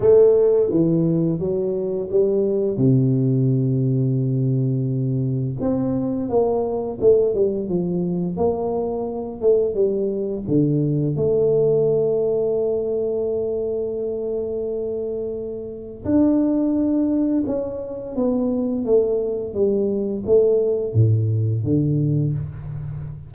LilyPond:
\new Staff \with { instrumentName = "tuba" } { \time 4/4 \tempo 4 = 86 a4 e4 fis4 g4 | c1 | c'4 ais4 a8 g8 f4 | ais4. a8 g4 d4 |
a1~ | a2. d'4~ | d'4 cis'4 b4 a4 | g4 a4 a,4 d4 | }